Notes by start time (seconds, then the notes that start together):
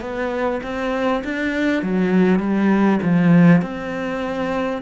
0.00 B3
0.63 C4
1.24 D4
1.82 F#3
2.39 G3
3.02 F3
3.62 C4